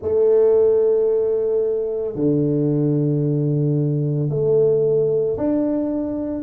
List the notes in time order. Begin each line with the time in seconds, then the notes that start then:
0.01 A3
2.15 D3
4.30 A3
5.37 D4